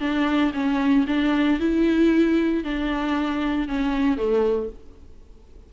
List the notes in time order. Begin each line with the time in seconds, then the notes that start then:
0.00 D4
0.54 C#4
1.07 D4
1.60 E4
2.64 D4
3.68 C#4
4.17 A3